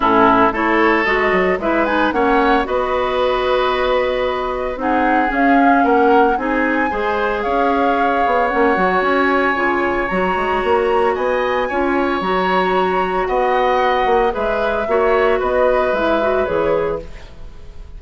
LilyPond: <<
  \new Staff \with { instrumentName = "flute" } { \time 4/4 \tempo 4 = 113 a'4 cis''4 dis''4 e''8 gis''8 | fis''4 dis''2.~ | dis''4 fis''4 f''4 fis''4 | gis''2 f''2 |
fis''4 gis''2 ais''4~ | ais''4 gis''2 ais''4~ | ais''4 fis''2 e''4~ | e''4 dis''4 e''4 cis''4 | }
  \new Staff \with { instrumentName = "oboe" } { \time 4/4 e'4 a'2 b'4 | cis''4 b'2.~ | b'4 gis'2 ais'4 | gis'4 c''4 cis''2~ |
cis''1~ | cis''4 dis''4 cis''2~ | cis''4 dis''2 b'4 | cis''4 b'2. | }
  \new Staff \with { instrumentName = "clarinet" } { \time 4/4 cis'4 e'4 fis'4 e'8 dis'8 | cis'4 fis'2.~ | fis'4 dis'4 cis'2 | dis'4 gis'2. |
cis'8 fis'4. f'4 fis'4~ | fis'2 f'4 fis'4~ | fis'2. gis'4 | fis'2 e'8 fis'8 gis'4 | }
  \new Staff \with { instrumentName = "bassoon" } { \time 4/4 a,4 a4 gis8 fis8 gis4 | ais4 b2.~ | b4 c'4 cis'4 ais4 | c'4 gis4 cis'4. b8 |
ais8 fis8 cis'4 cis4 fis8 gis8 | ais4 b4 cis'4 fis4~ | fis4 b4. ais8 gis4 | ais4 b4 gis4 e4 | }
>>